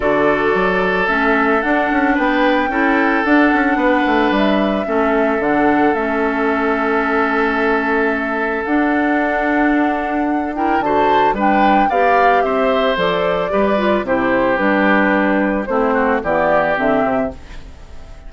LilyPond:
<<
  \new Staff \with { instrumentName = "flute" } { \time 4/4 \tempo 4 = 111 d''2 e''4 fis''4 | g''2 fis''2 | e''2 fis''4 e''4~ | e''1 |
fis''2.~ fis''8 g''8 | a''4 g''4 f''4 e''4 | d''2 c''4 b'4~ | b'4 c''4 d''4 e''4 | }
  \new Staff \with { instrumentName = "oboe" } { \time 4/4 a'1 | b'4 a'2 b'4~ | b'4 a'2.~ | a'1~ |
a'2.~ a'8 ais'8 | c''4 b'4 d''4 c''4~ | c''4 b'4 g'2~ | g'4 e'8 fis'8 g'2 | }
  \new Staff \with { instrumentName = "clarinet" } { \time 4/4 fis'2 cis'4 d'4~ | d'4 e'4 d'2~ | d'4 cis'4 d'4 cis'4~ | cis'1 |
d'2.~ d'8 e'8 | fis'4 d'4 g'2 | a'4 g'8 f'8 e'4 d'4~ | d'4 c'4 b4 c'4 | }
  \new Staff \with { instrumentName = "bassoon" } { \time 4/4 d4 fis4 a4 d'8 cis'8 | b4 cis'4 d'8 cis'8 b8 a8 | g4 a4 d4 a4~ | a1 |
d'1 | d4 g4 b4 c'4 | f4 g4 c4 g4~ | g4 a4 e4 d8 c8 | }
>>